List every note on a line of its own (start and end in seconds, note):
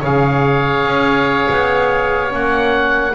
0.00 0.85 C#3
0.00 2.30 G#4
0.00 3.12 C#5
0.00 2.33 F5
0.85 1.48 C#4
1.50 2.33 B3
2.30 3.15 A#3
2.30 3.13 C#4
2.30 3.15 F#5